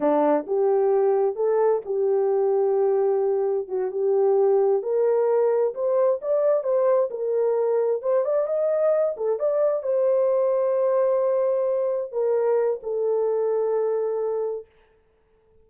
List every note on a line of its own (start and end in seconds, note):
0.00 0.45 D4
0.46 1.35 G4
1.35 1.81 A4
1.85 3.68 G4
3.68 3.91 F#4
3.91 4.82 G4
4.82 5.74 A#4
5.74 6.20 C5
6.21 6.63 D5
6.63 7.09 C5
7.10 8.02 A#4
8.02 8.24 C5
8.24 8.46 D5
8.46 9.15 D#5
9.16 9.39 A4
9.39 9.82 D5
9.82 12.11 C5
12.11 12.80 A#4
12.82 14.65 A4